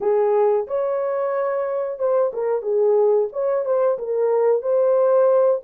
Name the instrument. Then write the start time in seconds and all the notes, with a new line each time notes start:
horn
0.00 G#4
0.67 C#5
1.98 C5
2.33 A#4
2.62 G#4
3.32 C#5
3.65 C5
3.98 A#4
4.62 C5